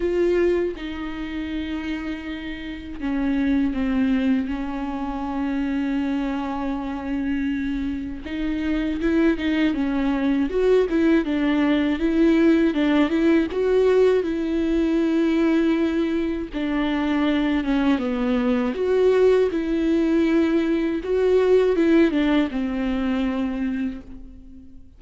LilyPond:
\new Staff \with { instrumentName = "viola" } { \time 4/4 \tempo 4 = 80 f'4 dis'2. | cis'4 c'4 cis'2~ | cis'2. dis'4 | e'8 dis'8 cis'4 fis'8 e'8 d'4 |
e'4 d'8 e'8 fis'4 e'4~ | e'2 d'4. cis'8 | b4 fis'4 e'2 | fis'4 e'8 d'8 c'2 | }